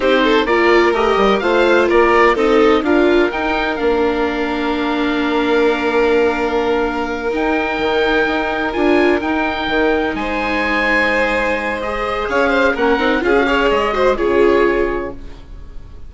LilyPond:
<<
  \new Staff \with { instrumentName = "oboe" } { \time 4/4 \tempo 4 = 127 c''4 d''4 dis''4 f''4 | d''4 dis''4 f''4 g''4 | f''1~ | f''2.~ f''8 g''8~ |
g''2~ g''8 gis''4 g''8~ | g''4. gis''2~ gis''8~ | gis''4 dis''4 f''4 fis''4 | f''4 dis''4 cis''2 | }
  \new Staff \with { instrumentName = "violin" } { \time 4/4 g'8 a'8 ais'2 c''4 | ais'4 a'4 ais'2~ | ais'1~ | ais'1~ |
ais'1~ | ais'4. c''2~ c''8~ | c''2 cis''8 c''8 ais'4 | gis'8 cis''4 c''8 gis'2 | }
  \new Staff \with { instrumentName = "viola" } { \time 4/4 dis'4 f'4 g'4 f'4~ | f'4 dis'4 f'4 dis'4 | d'1~ | d'2.~ d'8 dis'8~ |
dis'2~ dis'8 f'4 dis'8~ | dis'1~ | dis'4 gis'2 cis'8 dis'8 | f'16 fis'16 gis'4 fis'8 f'2 | }
  \new Staff \with { instrumentName = "bassoon" } { \time 4/4 c'4 ais4 a8 g8 a4 | ais4 c'4 d'4 dis'4 | ais1~ | ais2.~ ais8 dis'8~ |
dis'8 dis4 dis'4 d'4 dis'8~ | dis'8 dis4 gis2~ gis8~ | gis2 cis'4 ais8 c'8 | cis'4 gis4 cis2 | }
>>